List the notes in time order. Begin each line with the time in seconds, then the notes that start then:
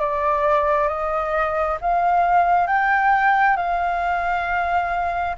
0.00 D5
0.88 D#5
1.81 F5
2.67 G5
3.57 F5